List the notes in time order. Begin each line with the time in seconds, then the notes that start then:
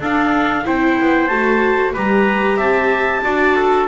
0.00 D4 A4 F5
0.65 C4 E4 C5 G5
1.00 B3
1.27 A3 F#4 A5
1.94 G3 G4 B4 A#5
2.57 C4 E5 A5
3.24 D4 F#4 D5
3.56 A4